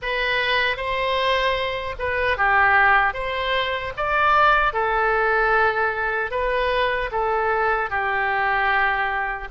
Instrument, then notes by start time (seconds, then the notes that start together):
oboe
0.01 B4
0.76 C5
1.98 B4
2.37 G4
3.13 C5
3.96 D5
4.73 A4
6.31 B4
7.11 A4
7.89 G4